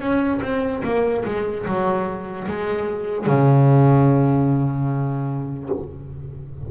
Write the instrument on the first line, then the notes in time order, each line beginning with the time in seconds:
double bass
0.00 C#4
0.42 C4
0.84 A#3
1.25 G#3
1.67 F#3
2.48 G#3
3.26 C#3